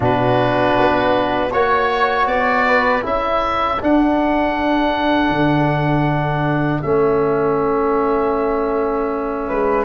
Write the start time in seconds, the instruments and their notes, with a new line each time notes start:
0.00 tuba B2, trombone D4, flute F#4, oboe B4
0.78 tuba B3
1.51 tuba A#3, trombone F#4, flute C#5, oboe C#5
2.26 tuba B3, oboe D5
2.67 flute B4
3.01 tuba C#4, trombone E4, flute A4, oboe E5
3.80 trombone D4, tuba D4, oboe F#5
5.29 tuba D3
6.81 tuba A3, trombone C#4, oboe E5
9.47 tuba G#3, flute B4